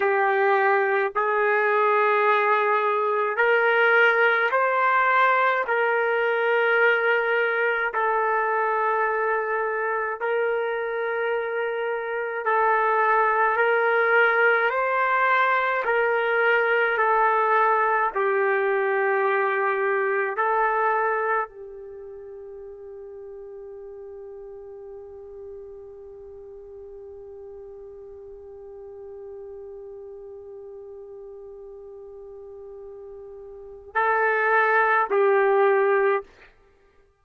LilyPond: \new Staff \with { instrumentName = "trumpet" } { \time 4/4 \tempo 4 = 53 g'4 gis'2 ais'4 | c''4 ais'2 a'4~ | a'4 ais'2 a'4 | ais'4 c''4 ais'4 a'4 |
g'2 a'4 g'4~ | g'1~ | g'1~ | g'2 a'4 g'4 | }